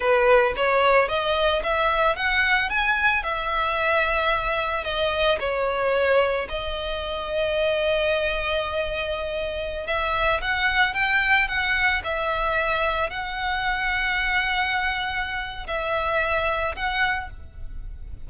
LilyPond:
\new Staff \with { instrumentName = "violin" } { \time 4/4 \tempo 4 = 111 b'4 cis''4 dis''4 e''4 | fis''4 gis''4 e''2~ | e''4 dis''4 cis''2 | dis''1~ |
dis''2~ dis''16 e''4 fis''8.~ | fis''16 g''4 fis''4 e''4.~ e''16~ | e''16 fis''2.~ fis''8.~ | fis''4 e''2 fis''4 | }